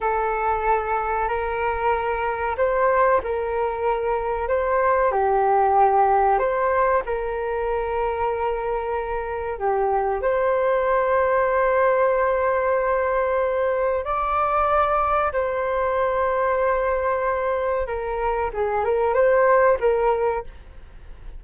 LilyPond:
\new Staff \with { instrumentName = "flute" } { \time 4/4 \tempo 4 = 94 a'2 ais'2 | c''4 ais'2 c''4 | g'2 c''4 ais'4~ | ais'2. g'4 |
c''1~ | c''2 d''2 | c''1 | ais'4 gis'8 ais'8 c''4 ais'4 | }